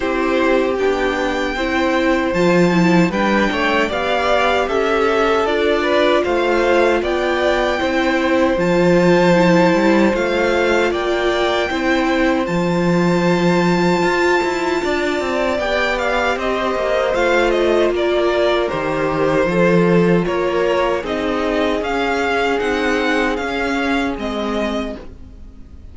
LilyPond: <<
  \new Staff \with { instrumentName = "violin" } { \time 4/4 \tempo 4 = 77 c''4 g''2 a''4 | g''4 f''4 e''4 d''4 | f''4 g''2 a''4~ | a''4 f''4 g''2 |
a''1 | g''8 f''8 dis''4 f''8 dis''8 d''4 | c''2 cis''4 dis''4 | f''4 fis''4 f''4 dis''4 | }
  \new Staff \with { instrumentName = "violin" } { \time 4/4 g'2 c''2 | b'8 cis''8 d''4 a'4. b'8 | c''4 d''4 c''2~ | c''2 d''4 c''4~ |
c''2. d''4~ | d''4 c''2 ais'4~ | ais'4 a'4 ais'4 gis'4~ | gis'1 | }
  \new Staff \with { instrumentName = "viola" } { \time 4/4 e'4 d'4 e'4 f'8 e'8 | d'4 g'2 f'4~ | f'2 e'4 f'4 | e'4 f'2 e'4 |
f'1 | g'2 f'2 | g'4 f'2 dis'4 | cis'4 dis'4 cis'4 c'4 | }
  \new Staff \with { instrumentName = "cello" } { \time 4/4 c'4 b4 c'4 f4 | g8 a8 b4 cis'4 d'4 | a4 b4 c'4 f4~ | f8 g8 a4 ais4 c'4 |
f2 f'8 e'8 d'8 c'8 | b4 c'8 ais8 a4 ais4 | dis4 f4 ais4 c'4 | cis'4 c'4 cis'4 gis4 | }
>>